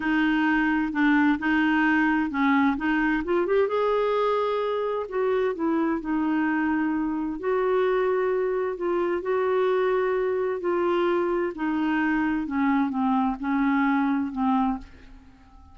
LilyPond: \new Staff \with { instrumentName = "clarinet" } { \time 4/4 \tempo 4 = 130 dis'2 d'4 dis'4~ | dis'4 cis'4 dis'4 f'8 g'8 | gis'2. fis'4 | e'4 dis'2. |
fis'2. f'4 | fis'2. f'4~ | f'4 dis'2 cis'4 | c'4 cis'2 c'4 | }